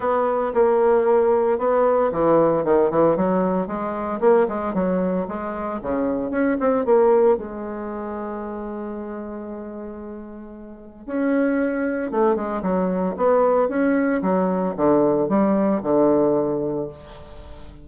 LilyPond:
\new Staff \with { instrumentName = "bassoon" } { \time 4/4 \tempo 4 = 114 b4 ais2 b4 | e4 dis8 e8 fis4 gis4 | ais8 gis8 fis4 gis4 cis4 | cis'8 c'8 ais4 gis2~ |
gis1~ | gis4 cis'2 a8 gis8 | fis4 b4 cis'4 fis4 | d4 g4 d2 | }